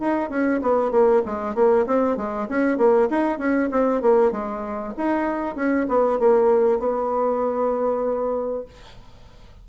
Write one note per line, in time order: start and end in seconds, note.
0.00 0.30 D#4
0.30 0.61 C#4
0.62 0.92 B3
0.92 1.23 A#3
1.26 1.55 G#3
1.55 1.86 A#3
1.87 2.17 C4
2.17 2.48 G#3
2.49 2.78 C#4
2.78 3.09 A#3
3.11 3.39 D#4
3.39 3.70 C#4
3.71 4.02 C4
4.02 4.32 A#3
4.32 4.94 G#3
4.98 5.56 D#4
5.56 5.87 C#4
5.89 6.19 B3
6.19 6.80 A#3
6.80 8.65 B3